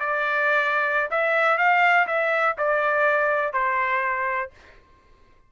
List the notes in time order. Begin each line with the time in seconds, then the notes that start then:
0.00 D5
1.11 E5
1.58 F5
2.08 E5
2.58 D5
3.53 C5